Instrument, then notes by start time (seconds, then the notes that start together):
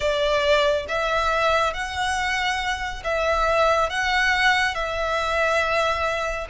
violin
0.00 D5
0.88 E5
1.73 F#5
3.04 E5
3.89 F#5
4.74 E5